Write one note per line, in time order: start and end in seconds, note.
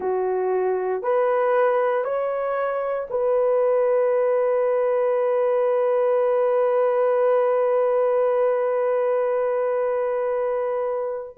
0.00 1.02 F#4
1.02 2.04 B4
2.04 3.08 C#5
3.09 11.37 B4